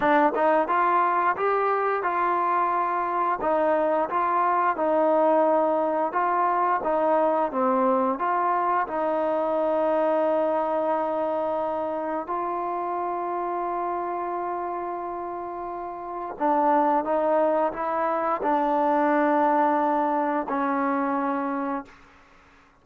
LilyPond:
\new Staff \with { instrumentName = "trombone" } { \time 4/4 \tempo 4 = 88 d'8 dis'8 f'4 g'4 f'4~ | f'4 dis'4 f'4 dis'4~ | dis'4 f'4 dis'4 c'4 | f'4 dis'2.~ |
dis'2 f'2~ | f'1 | d'4 dis'4 e'4 d'4~ | d'2 cis'2 | }